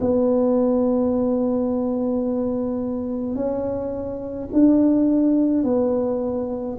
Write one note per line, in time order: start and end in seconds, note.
0.00 3.36 B3
3.36 4.49 C#4
4.52 5.63 D4
5.63 6.77 B3